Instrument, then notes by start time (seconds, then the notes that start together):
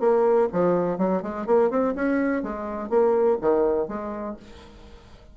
bassoon
0.00 A#3
0.52 F3
0.98 F#3
1.22 G#3
1.46 A#3
1.70 C4
1.95 C#4
2.43 G#3
2.89 A#3
3.41 D#3
3.88 G#3